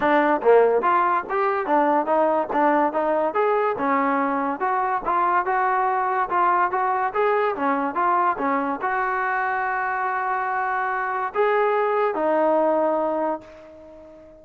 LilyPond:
\new Staff \with { instrumentName = "trombone" } { \time 4/4 \tempo 4 = 143 d'4 ais4 f'4 g'4 | d'4 dis'4 d'4 dis'4 | gis'4 cis'2 fis'4 | f'4 fis'2 f'4 |
fis'4 gis'4 cis'4 f'4 | cis'4 fis'2.~ | fis'2. gis'4~ | gis'4 dis'2. | }